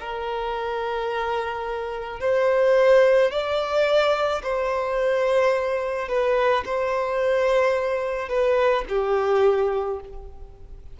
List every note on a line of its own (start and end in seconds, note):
0.00 2.20 A#4
2.20 3.31 C5
3.31 4.42 D5
4.43 6.09 C5
6.09 6.64 B4
6.65 8.29 C5
8.29 8.84 B4
8.89 10.00 G4